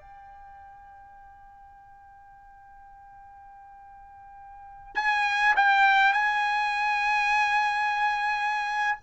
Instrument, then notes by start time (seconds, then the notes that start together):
trumpet
0.00 G5
4.95 G#5
5.56 G5
6.13 G#5